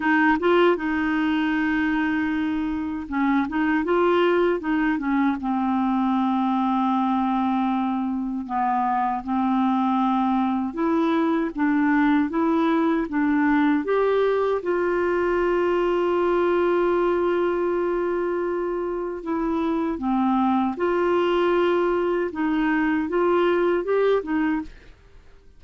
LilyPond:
\new Staff \with { instrumentName = "clarinet" } { \time 4/4 \tempo 4 = 78 dis'8 f'8 dis'2. | cis'8 dis'8 f'4 dis'8 cis'8 c'4~ | c'2. b4 | c'2 e'4 d'4 |
e'4 d'4 g'4 f'4~ | f'1~ | f'4 e'4 c'4 f'4~ | f'4 dis'4 f'4 g'8 dis'8 | }